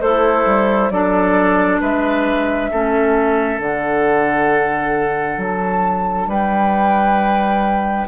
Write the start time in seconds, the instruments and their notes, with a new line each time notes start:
0.00 bassoon A3, oboe E4, clarinet A4, flute C5
0.46 bassoon G3
0.90 bassoon F#3, clarinet D4, oboe A4, flute D5
1.80 bassoon G#3, oboe B4, flute E5
2.71 bassoon A3, clarinet C#4, oboe A4
3.59 bassoon D3, clarinet D4, flute F#5
5.37 bassoon F#3, flute A5
6.26 bassoon G3, oboe B4, flute G5